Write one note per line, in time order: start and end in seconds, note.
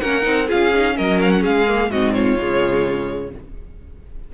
0.00 0.26 A#3
0.00 0.22 C#4
0.00 0.49 A#4
0.00 0.47 F#5
0.22 0.50 C4
0.22 0.46 D#4
0.49 0.99 C#4
0.49 0.72 F4
0.49 0.96 G#4
0.49 0.97 F5
0.75 0.94 D#4
0.94 1.47 F#3
0.94 1.65 C#4
0.94 1.42 A#4
0.94 1.21 D#5
1.22 1.31 F5
1.31 1.43 F#5
1.42 1.90 G#3
1.42 1.89 G#4
1.42 1.91 F5
1.68 1.91 A#3
1.90 2.38 G#2
1.90 2.39 C4
1.90 2.15 F#4
1.90 2.14 D#5
2.14 3.33 F4
2.14 3.32 C#5
2.39 3.34 C#3
2.39 3.33 G#3